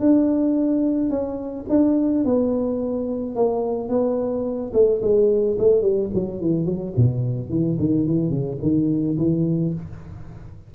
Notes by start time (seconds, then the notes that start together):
0.00 D4
1.10 C#4
1.69 D4
2.25 B3
3.35 A#3
3.89 B3
4.73 A3
5.02 G#3
5.59 A3
5.82 G3
6.14 F#3
6.40 E3
6.65 F#3
6.96 B2
7.49 E3
7.79 D#3
8.07 E3
8.30 C#3
8.62 D#3
9.18 E3